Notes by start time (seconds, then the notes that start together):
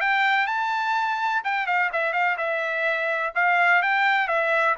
0.00 G5
0.46 A5
1.44 G5
1.66 F5
1.92 E5
2.13 F5
2.37 E5
3.35 F5
3.82 G5
4.27 E5